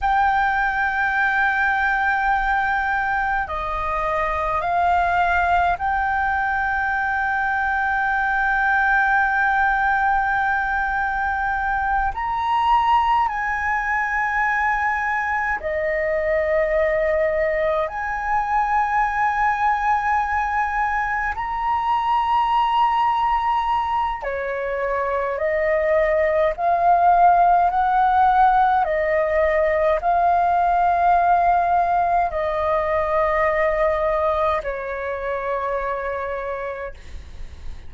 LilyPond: \new Staff \with { instrumentName = "flute" } { \time 4/4 \tempo 4 = 52 g''2. dis''4 | f''4 g''2.~ | g''2~ g''8 ais''4 gis''8~ | gis''4. dis''2 gis''8~ |
gis''2~ gis''8 ais''4.~ | ais''4 cis''4 dis''4 f''4 | fis''4 dis''4 f''2 | dis''2 cis''2 | }